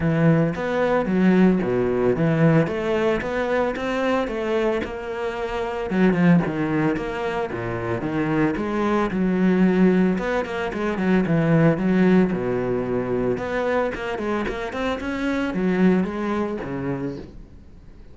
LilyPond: \new Staff \with { instrumentName = "cello" } { \time 4/4 \tempo 4 = 112 e4 b4 fis4 b,4 | e4 a4 b4 c'4 | a4 ais2 fis8 f8 | dis4 ais4 ais,4 dis4 |
gis4 fis2 b8 ais8 | gis8 fis8 e4 fis4 b,4~ | b,4 b4 ais8 gis8 ais8 c'8 | cis'4 fis4 gis4 cis4 | }